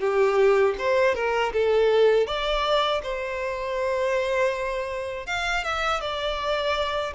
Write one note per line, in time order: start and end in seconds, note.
0.00 0.75 G4
0.79 1.15 C5
1.15 1.53 A#4
1.53 2.27 A4
2.27 3.02 D5
3.03 5.27 C5
5.27 5.64 F5
5.64 6.01 E5
6.01 7.14 D5